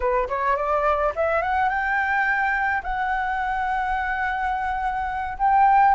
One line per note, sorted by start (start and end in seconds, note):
0.00 0.28 B4
0.28 0.56 C#5
0.56 1.12 D5
1.15 1.42 E5
1.42 1.69 F#5
1.69 2.82 G5
2.83 5.37 F#5
5.38 5.94 G5